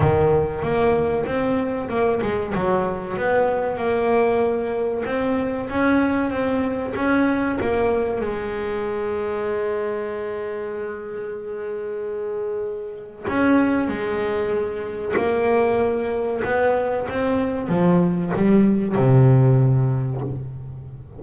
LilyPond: \new Staff \with { instrumentName = "double bass" } { \time 4/4 \tempo 4 = 95 dis4 ais4 c'4 ais8 gis8 | fis4 b4 ais2 | c'4 cis'4 c'4 cis'4 | ais4 gis2.~ |
gis1~ | gis4 cis'4 gis2 | ais2 b4 c'4 | f4 g4 c2 | }